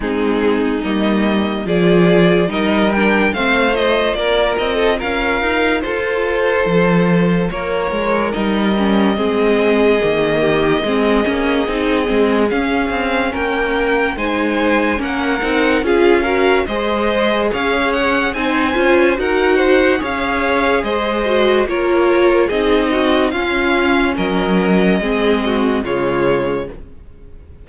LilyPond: <<
  \new Staff \with { instrumentName = "violin" } { \time 4/4 \tempo 4 = 72 gis'4 dis''4 d''4 dis''8 g''8 | f''8 dis''8 d''8 dis''8 f''4 c''4~ | c''4 cis''4 dis''2~ | dis''2. f''4 |
g''4 gis''4 fis''4 f''4 | dis''4 f''8 fis''8 gis''4 fis''4 | f''4 dis''4 cis''4 dis''4 | f''4 dis''2 cis''4 | }
  \new Staff \with { instrumentName = "violin" } { \time 4/4 dis'2 gis'4 ais'4 | c''4 ais'8. a'16 ais'4 a'4~ | a'4 ais'2 gis'4~ | gis'8 g'8 gis'2. |
ais'4 c''4 ais'4 gis'8 ais'8 | c''4 cis''4 c''4 ais'8 c''8 | cis''4 c''4 ais'4 gis'8 fis'8 | f'4 ais'4 gis'8 fis'8 f'4 | }
  \new Staff \with { instrumentName = "viola" } { \time 4/4 c'4 ais4 f'4 dis'8 d'8 | c'8 f'2.~ f'8~ | f'2 dis'8 cis'8 c'4 | ais4 c'8 cis'8 dis'8 c'8 cis'4~ |
cis'4 dis'4 cis'8 dis'8 f'8 fis'8 | gis'2 dis'8 f'8 fis'4 | gis'4. fis'8 f'4 dis'4 | cis'2 c'4 gis4 | }
  \new Staff \with { instrumentName = "cello" } { \time 4/4 gis4 g4 f4 g4 | a4 ais8 c'8 cis'8 dis'8 f'4 | f4 ais8 gis8 g4 gis4 | dis4 gis8 ais8 c'8 gis8 cis'8 c'8 |
ais4 gis4 ais8 c'8 cis'4 | gis4 cis'4 c'8 cis'8 dis'4 | cis'4 gis4 ais4 c'4 | cis'4 fis4 gis4 cis4 | }
>>